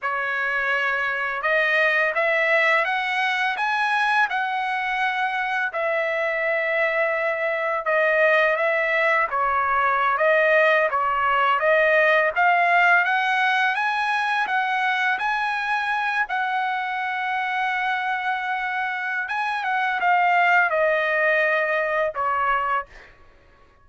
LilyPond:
\new Staff \with { instrumentName = "trumpet" } { \time 4/4 \tempo 4 = 84 cis''2 dis''4 e''4 | fis''4 gis''4 fis''2 | e''2. dis''4 | e''4 cis''4~ cis''16 dis''4 cis''8.~ |
cis''16 dis''4 f''4 fis''4 gis''8.~ | gis''16 fis''4 gis''4. fis''4~ fis''16~ | fis''2. gis''8 fis''8 | f''4 dis''2 cis''4 | }